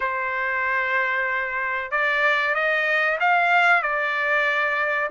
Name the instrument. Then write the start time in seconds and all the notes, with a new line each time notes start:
trumpet
0.00 C5
1.91 D5
2.54 D#5
3.20 F5
3.82 D5